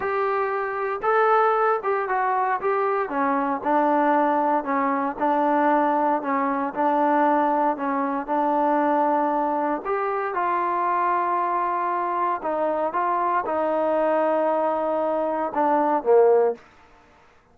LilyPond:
\new Staff \with { instrumentName = "trombone" } { \time 4/4 \tempo 4 = 116 g'2 a'4. g'8 | fis'4 g'4 cis'4 d'4~ | d'4 cis'4 d'2 | cis'4 d'2 cis'4 |
d'2. g'4 | f'1 | dis'4 f'4 dis'2~ | dis'2 d'4 ais4 | }